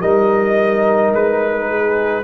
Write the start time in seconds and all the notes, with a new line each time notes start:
0.00 G3 D#4 A#4 D#5
1.12 G#3 B4
1.68 G#4